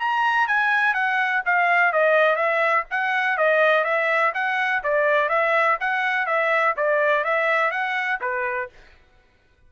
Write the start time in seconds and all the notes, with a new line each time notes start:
0.00 A#5
0.48 G#5
0.94 F#5
1.46 F5
1.93 D#5
2.36 E5
2.91 F#5
3.38 D#5
3.85 E5
4.35 F#5
4.84 D5
5.30 E5
5.81 F#5
6.27 E5
6.77 D5
7.25 E5
7.71 F#5
8.22 B4